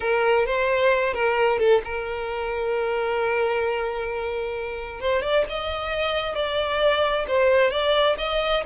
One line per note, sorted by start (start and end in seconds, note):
0.00 0.45 A#4
0.45 1.13 C5
1.13 1.58 A#4
1.58 1.81 A4
1.84 5.00 A#4
5.00 5.22 C5
5.22 5.44 D5
5.49 6.35 D#5
6.35 7.25 D5
7.27 7.70 C5
7.70 8.16 D5
8.18 8.63 D#5